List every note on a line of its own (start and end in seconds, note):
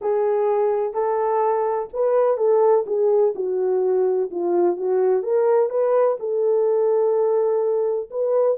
0.01 0.93 G#4
0.93 1.89 A4
1.93 2.37 B4
2.37 2.84 A4
2.86 3.34 G#4
3.35 4.30 F#4
4.30 4.77 F4
4.77 5.22 F#4
5.22 5.69 A#4
5.69 6.17 B4
6.19 8.10 A4
8.10 8.57 B4